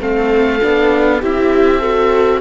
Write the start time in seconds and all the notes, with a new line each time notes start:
0.00 A3 C4 A4 F5
0.62 B3 D4
1.21 C4 E4 G4 E5
1.80 F#4 A4